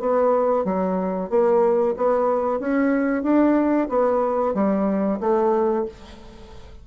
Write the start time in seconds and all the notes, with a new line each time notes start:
0.00 B3
0.65 F#3
1.30 A#3
1.97 B3
2.60 C#4
3.23 D4
3.89 B3
4.54 G3
5.21 A3